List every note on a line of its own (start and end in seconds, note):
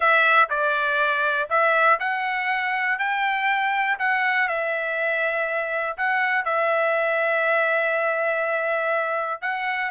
0.00 0.48 E5
0.49 1.48 D5
1.49 1.99 E5
1.99 2.98 F#5
2.98 3.97 G5
3.98 4.48 F#5
4.48 5.96 E5
5.97 6.44 F#5
6.44 9.41 E5
9.41 9.91 F#5